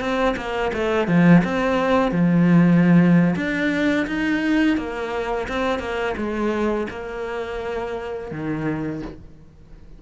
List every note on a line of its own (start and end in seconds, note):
0.00 0.35 C4
0.37 0.72 A#3
0.73 1.07 A3
1.07 1.43 F3
1.44 2.11 C4
2.11 3.35 F3
3.36 4.07 D4
4.07 4.77 D#4
4.77 5.48 A#3
5.48 5.79 C4
5.79 6.15 A#3
6.17 6.87 G#3
6.90 8.31 A#3
8.31 9.02 D#3